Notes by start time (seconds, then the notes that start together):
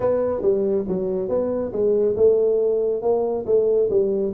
0.00 B3
0.41 G3
0.88 F#3
1.29 B3
1.72 G#3
2.16 A3
3.02 A#3
3.46 A3
3.90 G3